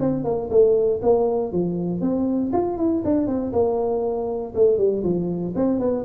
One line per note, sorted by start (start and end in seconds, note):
0.00 0.25 C4
0.25 0.50 A#3
0.50 1.01 A3
1.02 1.53 A#3
1.53 2.01 F3
2.01 2.52 C4
2.53 2.78 F4
2.78 3.03 E4
3.05 3.28 D4
3.28 3.53 C4
3.53 4.54 A#3
4.56 4.78 A3
4.78 5.04 G3
5.04 5.54 F3
5.56 5.80 C4
5.80 6.05 B3